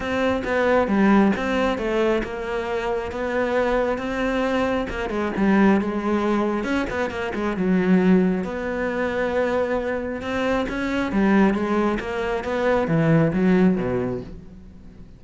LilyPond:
\new Staff \with { instrumentName = "cello" } { \time 4/4 \tempo 4 = 135 c'4 b4 g4 c'4 | a4 ais2 b4~ | b4 c'2 ais8 gis8 | g4 gis2 cis'8 b8 |
ais8 gis8 fis2 b4~ | b2. c'4 | cis'4 g4 gis4 ais4 | b4 e4 fis4 b,4 | }